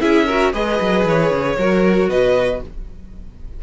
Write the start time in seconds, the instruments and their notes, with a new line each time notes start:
0.00 cello C#4, viola E4, violin G#4 E5
0.26 viola F#4, violin A#4
0.53 cello G#3, viola G#4, violin B4 D#5
0.80 cello F#3
1.05 cello E3, violin C#5
1.30 cello C#3
1.58 cello F#3, viola F#4, violin A#4
2.08 cello B2, violin B4 D#5